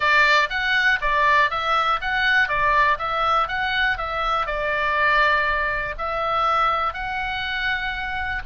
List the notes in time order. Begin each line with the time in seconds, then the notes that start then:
0.00 D5
0.49 F#5
1.01 D5
1.50 E5
2.01 F#5
2.48 D5
2.98 E5
3.48 F#5
3.97 E5
4.46 D5
5.98 E5
6.93 F#5